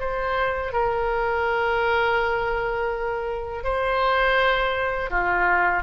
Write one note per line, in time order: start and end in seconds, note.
0.00 0.73 C5
0.73 3.64 A#4
3.64 5.11 C5
5.11 5.83 F4